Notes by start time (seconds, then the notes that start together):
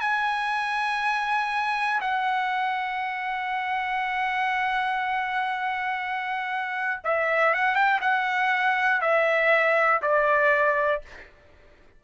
0.00 G#5
2.01 F#5
7.04 E5
7.54 F#5
7.75 G5
8.01 F#5
9.01 E5
10.02 D5